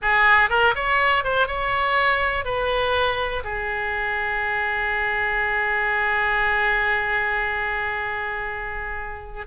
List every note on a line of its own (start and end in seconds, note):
0.01 0.49 G#4
0.49 0.74 A#4
0.75 1.23 C#5
1.23 1.47 C5
1.47 2.44 C#5
2.44 3.43 B4
3.43 9.46 G#4